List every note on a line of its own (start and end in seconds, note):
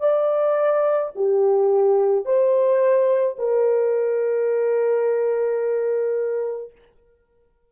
0.00 1.11 D5
1.15 2.25 G4
2.25 3.36 C5
3.38 6.72 A#4